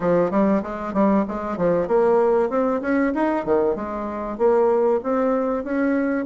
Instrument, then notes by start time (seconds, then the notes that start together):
bassoon
0.00 F3
0.30 G3
0.62 G#3
0.93 G3
1.28 G#3
1.57 F3
1.88 A#3
2.49 C4
2.81 C#4
3.14 D#4
3.45 D#3
3.75 G#3
4.38 A#3
5.03 C4
5.64 C#4